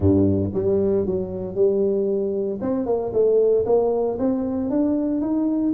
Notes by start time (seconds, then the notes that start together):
0.00 G2
0.54 G3
1.06 F#3
1.55 G3
2.61 C4
2.86 A#3
3.13 A3
3.65 A#3
4.18 C4
4.70 D4
5.21 D#4